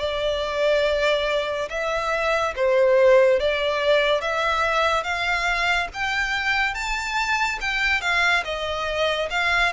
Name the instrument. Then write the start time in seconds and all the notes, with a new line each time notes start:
violin
0.00 D5
1.70 E5
2.57 C5
3.40 D5
4.22 E5
5.04 F5
5.94 G5
6.75 A5
7.61 G5
8.02 F5
8.45 D#5
9.31 F5